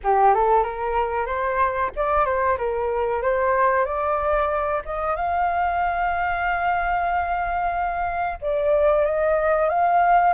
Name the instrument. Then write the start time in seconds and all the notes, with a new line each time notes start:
flute
0.03 G4
0.34 A4
0.63 A#4
1.26 C5
1.96 D5
2.25 C5
2.57 A#4
3.21 C5
3.85 D5
4.85 D#5
5.16 F5
8.41 D5
9.05 D#5
9.69 F5